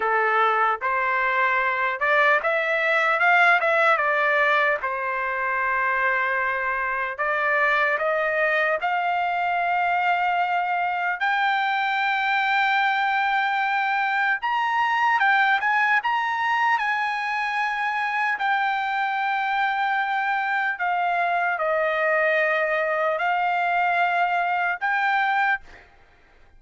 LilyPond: \new Staff \with { instrumentName = "trumpet" } { \time 4/4 \tempo 4 = 75 a'4 c''4. d''8 e''4 | f''8 e''8 d''4 c''2~ | c''4 d''4 dis''4 f''4~ | f''2 g''2~ |
g''2 ais''4 g''8 gis''8 | ais''4 gis''2 g''4~ | g''2 f''4 dis''4~ | dis''4 f''2 g''4 | }